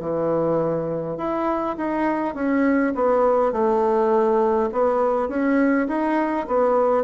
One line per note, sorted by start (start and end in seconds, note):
0.00 1.18 E3
1.18 1.76 E4
1.77 2.35 D#4
2.35 2.94 C#4
2.95 3.52 B3
3.52 4.70 A3
4.72 5.29 B3
5.29 5.88 C#4
5.88 6.47 D#4
6.48 7.04 B3